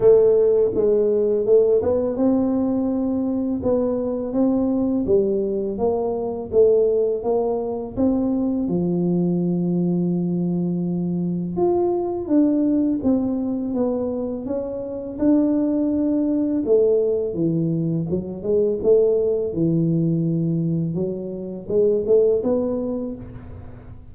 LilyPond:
\new Staff \with { instrumentName = "tuba" } { \time 4/4 \tempo 4 = 83 a4 gis4 a8 b8 c'4~ | c'4 b4 c'4 g4 | ais4 a4 ais4 c'4 | f1 |
f'4 d'4 c'4 b4 | cis'4 d'2 a4 | e4 fis8 gis8 a4 e4~ | e4 fis4 gis8 a8 b4 | }